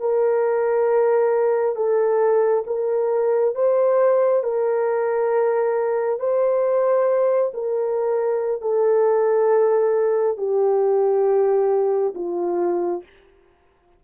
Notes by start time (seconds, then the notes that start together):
0.00 A#4
1.76 A4
2.67 A#4
3.55 C5
4.44 A#4
6.20 C5
7.54 A#4
8.61 A4
10.38 G4
12.15 F4